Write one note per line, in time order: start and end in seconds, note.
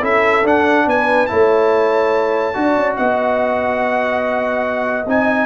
0.00 0.44 C#4
0.00 0.43 E4
0.00 0.84 A4
0.00 0.46 E5
0.43 1.27 D4
0.43 0.86 D4
0.43 0.88 F#5
0.86 1.28 B3
0.86 1.30 B4
0.86 1.26 G#5
1.26 2.56 A3
1.26 2.53 E4
1.26 2.56 C#5
1.26 2.94 A5
2.53 2.76 D4
2.53 5.05 F#4
2.53 2.97 D5
2.76 2.97 C#4
2.96 5.06 B3
2.96 5.46 D#5
2.96 5.06 F#5
5.06 5.46 C4
5.06 5.46 D#4
5.06 5.46 G#5